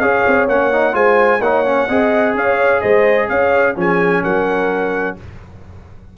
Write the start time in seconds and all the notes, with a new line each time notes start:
0.00 C#4 G#4 C#5 F5
0.27 C4
0.49 A#3 C#4 F#5
0.73 D#4
0.93 G#3 F4 C5 G#5
1.41 A#3 D#4 C#5 F#5
1.66 C#4
1.89 C4 G#4 D#5
2.35 C#4 C#5 F5
2.81 G#3 C5 D#5
3.29 C#4 C#5 F5
3.76 F3 C#4 G#4 G#5
4.24 F#3 A#4 F#5